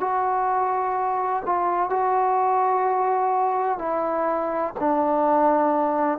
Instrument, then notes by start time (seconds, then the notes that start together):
trombone
0.00 F#4
1.45 F4
1.90 F#4
3.78 E4
4.80 D4